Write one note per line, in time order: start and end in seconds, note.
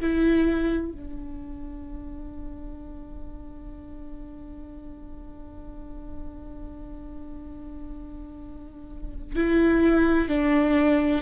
0.00 0.92 E4
0.92 9.35 D4
9.35 10.28 E4
10.28 11.22 D4